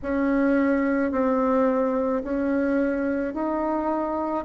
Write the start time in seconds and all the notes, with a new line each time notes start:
0.02 C#4
1.11 C4
2.23 C#4
3.34 D#4